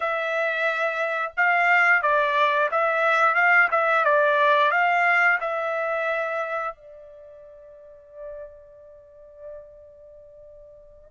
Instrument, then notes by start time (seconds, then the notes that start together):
trumpet
0.00 E5
1.37 F5
2.02 D5
2.71 E5
3.34 F5
3.71 E5
4.04 D5
4.71 F5
5.40 E5
6.74 D5